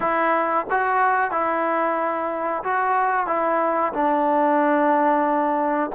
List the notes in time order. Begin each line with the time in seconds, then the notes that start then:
0.00 E4
0.70 F#4
1.31 E4
2.63 F#4
3.26 E4
3.93 D4